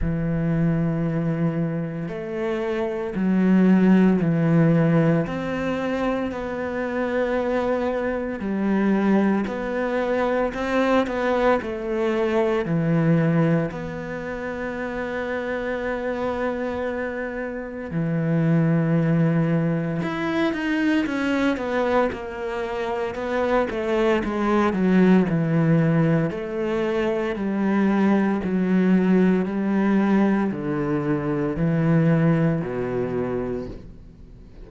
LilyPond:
\new Staff \with { instrumentName = "cello" } { \time 4/4 \tempo 4 = 57 e2 a4 fis4 | e4 c'4 b2 | g4 b4 c'8 b8 a4 | e4 b2.~ |
b4 e2 e'8 dis'8 | cis'8 b8 ais4 b8 a8 gis8 fis8 | e4 a4 g4 fis4 | g4 d4 e4 b,4 | }